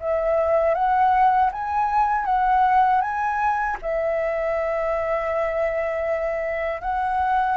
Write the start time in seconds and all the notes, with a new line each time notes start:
0.00 E5
0.75 F#5
1.52 G#5
2.25 F#5
3.01 G#5
3.82 E5
6.81 F#5